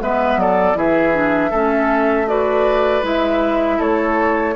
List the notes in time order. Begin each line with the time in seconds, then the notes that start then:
0.00 G#3 B3 B4 E5
0.36 F#3 A4 D5
0.75 E3 E4 G#4 E5
1.12 D4
1.50 A3 C#4 A4
2.27 F#4 B4 D5
3.02 G#3 E4 E5
3.78 A3 A4 C#5